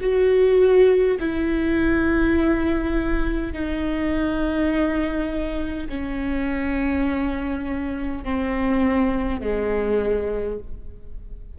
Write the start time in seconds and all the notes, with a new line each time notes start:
0.00 F#4
1.19 E4
3.52 D#4
5.88 C#4
8.24 C4
9.41 G#3